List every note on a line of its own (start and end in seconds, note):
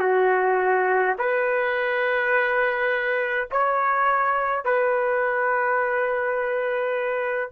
0.00 1.15 F#4
1.19 3.49 B4
3.52 4.65 C#5
4.65 7.52 B4